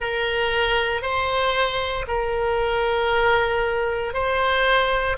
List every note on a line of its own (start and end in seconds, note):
0.00 1.02 A#4
1.02 2.05 C5
2.07 4.13 A#4
4.13 5.17 C5